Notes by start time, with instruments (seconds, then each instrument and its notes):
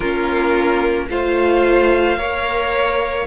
0.00 cello A#3, viola C#4, violin F4 A#4
1.09 cello A3, viola F4, violin C5 F5
2.17 cello A#3, viola A#4, violin C#5